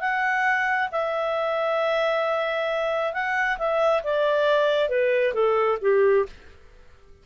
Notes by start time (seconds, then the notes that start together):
0.00 F#5
0.92 E5
3.13 F#5
3.58 E5
4.03 D5
4.89 B4
5.33 A4
5.81 G4